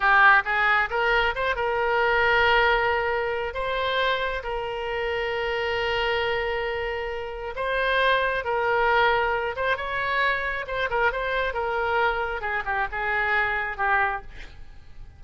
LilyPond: \new Staff \with { instrumentName = "oboe" } { \time 4/4 \tempo 4 = 135 g'4 gis'4 ais'4 c''8 ais'8~ | ais'1 | c''2 ais'2~ | ais'1~ |
ais'4 c''2 ais'4~ | ais'4. c''8 cis''2 | c''8 ais'8 c''4 ais'2 | gis'8 g'8 gis'2 g'4 | }